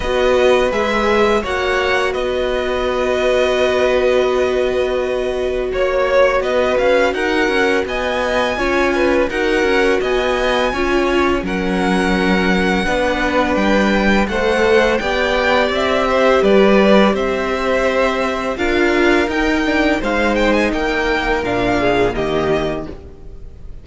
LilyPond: <<
  \new Staff \with { instrumentName = "violin" } { \time 4/4 \tempo 4 = 84 dis''4 e''4 fis''4 dis''4~ | dis''1 | cis''4 dis''8 f''8 fis''4 gis''4~ | gis''4 fis''4 gis''2 |
fis''2. g''4 | fis''4 g''4 e''4 d''4 | e''2 f''4 g''4 | f''8 g''16 gis''16 g''4 f''4 dis''4 | }
  \new Staff \with { instrumentName = "violin" } { \time 4/4 b'2 cis''4 b'4~ | b'1 | cis''4 b'4 ais'4 dis''4 | cis''8 b'8 ais'4 dis''4 cis''4 |
ais'2 b'2 | c''4 d''4. c''8 b'4 | c''2 ais'2 | c''4 ais'4. gis'8 g'4 | }
  \new Staff \with { instrumentName = "viola" } { \time 4/4 fis'4 gis'4 fis'2~ | fis'1~ | fis'1 | f'4 fis'2 f'4 |
cis'2 d'2 | a'4 g'2.~ | g'2 f'4 dis'8 d'8 | dis'2 d'4 ais4 | }
  \new Staff \with { instrumentName = "cello" } { \time 4/4 b4 gis4 ais4 b4~ | b1 | ais4 b8 cis'8 dis'8 cis'8 b4 | cis'4 dis'8 cis'8 b4 cis'4 |
fis2 b4 g4 | a4 b4 c'4 g4 | c'2 d'4 dis'4 | gis4 ais4 ais,4 dis4 | }
>>